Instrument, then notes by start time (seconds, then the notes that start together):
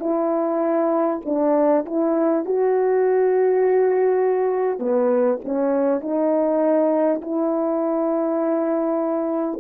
horn
0.00 E4
1.25 D4
1.86 E4
2.45 F#4
4.79 B3
5.45 C#4
6.01 D#4
7.22 E4